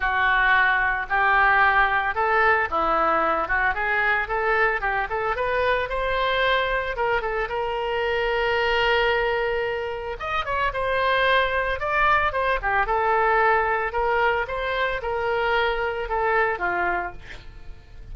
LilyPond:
\new Staff \with { instrumentName = "oboe" } { \time 4/4 \tempo 4 = 112 fis'2 g'2 | a'4 e'4. fis'8 gis'4 | a'4 g'8 a'8 b'4 c''4~ | c''4 ais'8 a'8 ais'2~ |
ais'2. dis''8 cis''8 | c''2 d''4 c''8 g'8 | a'2 ais'4 c''4 | ais'2 a'4 f'4 | }